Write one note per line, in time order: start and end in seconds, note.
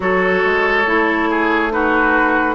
0.00 0.42 F#3
0.00 0.85 F#4
0.00 1.29 A4
0.00 1.72 C#5
0.44 0.86 G#3
0.86 2.54 A3
0.86 1.70 E4
1.29 1.72 G#4
1.70 2.54 D#4
1.70 2.54 F#4
1.70 2.54 B4